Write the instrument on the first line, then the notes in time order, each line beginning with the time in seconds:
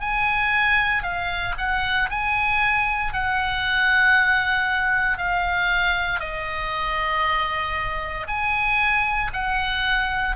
oboe
0.00 G#5
1.03 F5
1.58 F#5
2.10 G#5
3.13 F#5
5.18 F5
6.20 D#5
8.28 G#5
9.33 F#5